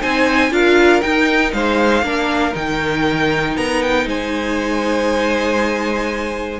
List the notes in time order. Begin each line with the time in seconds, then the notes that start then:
0.00 C4 D#4 C5 G#5
0.50 D4 F4 A#4 F5
1.01 D#4 G5
1.52 G#3 C5 F5
2.02 A#3 D4 A#4
2.53 D#3 D#4 G5
3.57 B3 A#5
3.82 G5
4.05 G#3 C5 G#5